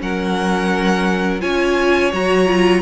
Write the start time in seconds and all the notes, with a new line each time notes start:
0.00 F#3 C#4 A#4 F#5
1.41 C#4 F4 C#5 G#5
2.13 F#3 F#4 A#5
2.47 F4